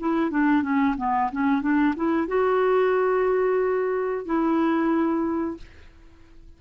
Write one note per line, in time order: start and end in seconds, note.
0.00 0.31 E4
0.31 0.63 D4
0.63 0.96 C#4
0.98 1.31 B3
1.32 1.62 C#4
1.62 1.95 D4
1.96 2.28 E4
2.28 4.26 F#4
4.26 5.58 E4